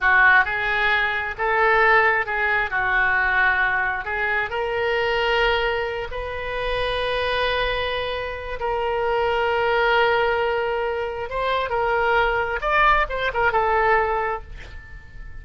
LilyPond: \new Staff \with { instrumentName = "oboe" } { \time 4/4 \tempo 4 = 133 fis'4 gis'2 a'4~ | a'4 gis'4 fis'2~ | fis'4 gis'4 ais'2~ | ais'4. b'2~ b'8~ |
b'2. ais'4~ | ais'1~ | ais'4 c''4 ais'2 | d''4 c''8 ais'8 a'2 | }